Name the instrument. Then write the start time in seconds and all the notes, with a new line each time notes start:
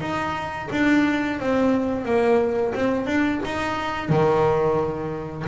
double bass
0.00 D#4
0.71 D4
1.39 C4
2.05 A#3
2.74 C4
3.06 D4
3.45 D#4
4.08 D#3